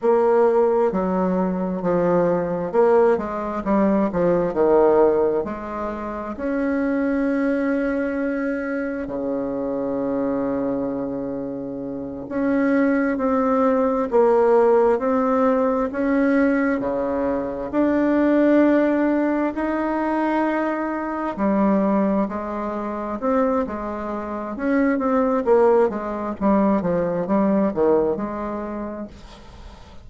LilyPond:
\new Staff \with { instrumentName = "bassoon" } { \time 4/4 \tempo 4 = 66 ais4 fis4 f4 ais8 gis8 | g8 f8 dis4 gis4 cis'4~ | cis'2 cis2~ | cis4. cis'4 c'4 ais8~ |
ais8 c'4 cis'4 cis4 d'8~ | d'4. dis'2 g8~ | g8 gis4 c'8 gis4 cis'8 c'8 | ais8 gis8 g8 f8 g8 dis8 gis4 | }